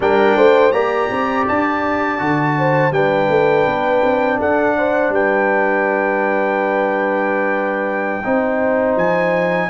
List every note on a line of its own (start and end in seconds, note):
0.00 0.35 G3
0.00 0.72 D4
0.00 0.36 A#4
0.00 0.71 G5
0.36 0.73 A3
0.36 0.72 C5
0.71 1.09 A#3
0.71 2.18 G4
0.71 2.55 D5
0.71 1.45 A#5
1.10 1.47 C4
1.48 2.20 D4
1.48 2.92 A5
2.18 2.91 D3
2.18 2.91 F#4
2.58 2.94 C5
2.91 3.27 G3
2.91 8.22 D4
2.91 4.39 B4
2.91 4.39 G5
3.29 3.65 A3
3.66 4.03 B3
4.03 4.39 C4
4.39 5.09 D4
4.39 4.75 A4
4.39 5.13 F#5
4.77 5.14 C5
5.09 8.20 G3
5.09 8.25 B4
5.09 8.97 G5
8.24 8.96 C4
8.24 9.69 D#4
8.24 9.69 C5
8.96 9.69 F3
8.96 9.69 G#5